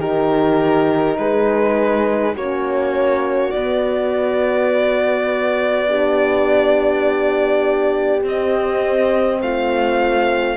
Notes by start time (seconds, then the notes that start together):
0.00 D#3 D#4 G4 A#4
1.18 G#3 G#4 B4
2.35 A#3 C#4 F#4 C#5
3.51 B3 D5
5.88 D4 G4
8.23 C4 D#5
9.42 A3 F4 F5